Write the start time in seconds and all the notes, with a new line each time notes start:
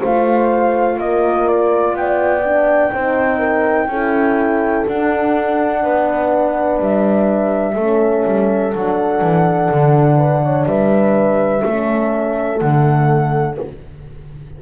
0.00 A3 F4 C5 F5
0.98 A#3 A#4 D#5
1.48 D5
1.94 B3 G5
2.00 D5
2.45 D4
2.94 C4 D#4 C5
3.39 A#4
3.88 C#4 E4 A4
4.87 D4 F#5
5.82 B3 B4
6.80 G3 E5
7.74 A3 C#4 A4
8.25 G3
8.73 F#3 D4 F#5
9.21 E3
9.71 D3
10.18 B4
10.44 C#5
10.66 G3 B4 E5
11.65 A3 C#4 A4
12.59 D3 A3 F#5